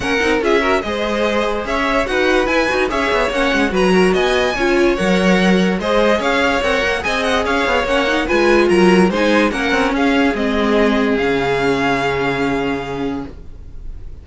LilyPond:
<<
  \new Staff \with { instrumentName = "violin" } { \time 4/4 \tempo 4 = 145 fis''4 e''4 dis''2 | e''4 fis''4 gis''4 e''4 | fis''4 ais''4 gis''2 | fis''2 dis''4 f''4 |
fis''4 gis''8 fis''8 f''4 fis''4 | gis''4 ais''4 gis''4 fis''4 | f''4 dis''2 f''4~ | f''1 | }
  \new Staff \with { instrumentName = "violin" } { \time 4/4 ais'4 gis'8 ais'8 c''2 | cis''4 b'2 cis''4~ | cis''4 b'8 ais'8 dis''4 cis''4~ | cis''2 c''4 cis''4~ |
cis''4 dis''4 cis''2 | b'4 ais'4 c''4 ais'4 | gis'1~ | gis'1 | }
  \new Staff \with { instrumentName = "viola" } { \time 4/4 cis'8 dis'8 f'8 fis'8 gis'2~ | gis'4 fis'4 e'8 fis'8 gis'4 | cis'4 fis'2 f'4 | ais'2 gis'2 |
ais'4 gis'2 cis'8 dis'8 | f'2 dis'4 cis'4~ | cis'4 c'2 cis'4~ | cis'1 | }
  \new Staff \with { instrumentName = "cello" } { \time 4/4 ais8 c'8 cis'4 gis2 | cis'4 dis'4 e'8 dis'8 cis'8 b8 | ais8 gis8 fis4 b4 cis'4 | fis2 gis4 cis'4 |
c'8 ais8 c'4 cis'8 b8 ais4 | gis4 fis4 gis4 ais8 c'8 | cis'4 gis2 cis4~ | cis1 | }
>>